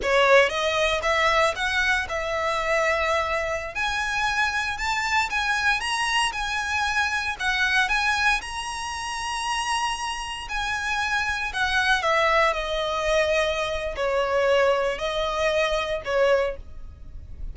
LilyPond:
\new Staff \with { instrumentName = "violin" } { \time 4/4 \tempo 4 = 116 cis''4 dis''4 e''4 fis''4 | e''2.~ e''16 gis''8.~ | gis''4~ gis''16 a''4 gis''4 ais''8.~ | ais''16 gis''2 fis''4 gis''8.~ |
gis''16 ais''2.~ ais''8.~ | ais''16 gis''2 fis''4 e''8.~ | e''16 dis''2~ dis''8. cis''4~ | cis''4 dis''2 cis''4 | }